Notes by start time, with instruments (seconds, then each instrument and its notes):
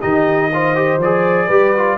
0.00 tuba D#3, trombone D#4, horn G4, trumpet D#5
0.53 trombone F4, horn C5
0.75 trombone G4
0.97 tuba F3, trumpet D5
1.04 trombone G#4
1.46 tuba G3, trombone G4, horn B4
1.76 trombone F4